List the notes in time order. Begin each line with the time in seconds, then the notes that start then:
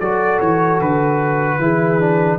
0.00 F#3 F#4 A4 D5
0.41 E3 C#5
0.82 D3 B4
1.59 E3 E4 G#4
2.00 D4